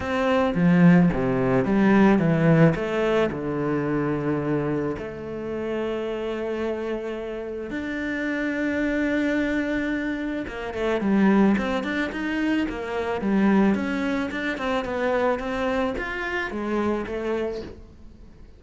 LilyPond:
\new Staff \with { instrumentName = "cello" } { \time 4/4 \tempo 4 = 109 c'4 f4 c4 g4 | e4 a4 d2~ | d4 a2.~ | a2 d'2~ |
d'2. ais8 a8 | g4 c'8 d'8 dis'4 ais4 | g4 cis'4 d'8 c'8 b4 | c'4 f'4 gis4 a4 | }